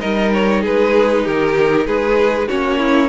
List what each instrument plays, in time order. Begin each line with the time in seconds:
0.00 cello G3, viola D#4, violin A#4 D#5
0.34 violin C#5
0.62 cello G#3, violin G#4 B4
1.24 cello D#3, violin G4 A#4
1.87 cello G#3, violin G#4 B4
2.48 cello A#3, viola C#4, violin F#4 C#5
2.79 violin E4